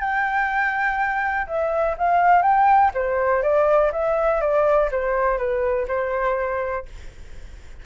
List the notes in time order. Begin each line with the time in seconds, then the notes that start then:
0.00 G5
1.47 E5
1.98 F5
2.42 G5
2.94 C5
3.42 D5
3.92 E5
4.41 D5
4.91 C5
5.38 B4
5.88 C5